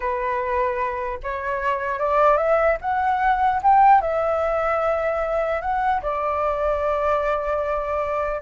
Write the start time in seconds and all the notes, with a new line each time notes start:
0.00 B4
1.23 C#5
1.99 D5
2.37 E5
2.81 F#5
3.62 G5
4.01 E5
5.61 F#5
6.01 D5